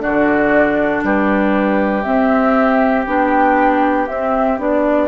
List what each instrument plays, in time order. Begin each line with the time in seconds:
0.00 bassoon D3, clarinet D4, oboe F#4, flute D5
1.04 bassoon G3, oboe G4, flute B4
2.03 clarinet C4, bassoon C4, flute E5
3.06 bassoon B3, clarinet D4, flute G5
4.08 bassoon C4, clarinet C4, flute E5
4.59 bassoon B3, clarinet D4, flute D5